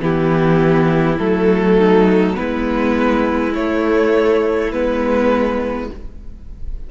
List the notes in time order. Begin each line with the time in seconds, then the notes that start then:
0.00 E3 B3 E4 G4
1.19 F#3 A3 A4
1.77 D#4
2.35 G#3 B3 E4 B4
3.54 A3 C#5
4.72 G#3 B3 B4